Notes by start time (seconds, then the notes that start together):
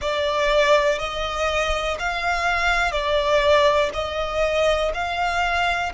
0.00 D5
0.98 D#5
1.99 F5
2.92 D5
3.93 D#5
4.94 F5